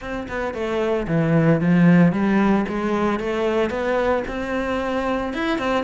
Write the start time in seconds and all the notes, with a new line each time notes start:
0.01 C4
0.28 B3
0.53 A3
1.07 E3
1.60 F3
2.12 G3
2.68 G#3
3.19 A3
3.70 B3
4.27 C4
5.33 E4
5.58 C4